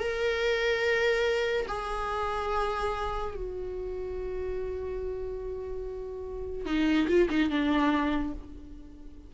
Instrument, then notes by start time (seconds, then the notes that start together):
viola
0.00 A#4
1.68 G#4
3.35 F#4
6.66 D#4
7.08 F4
7.30 D#4
7.50 D4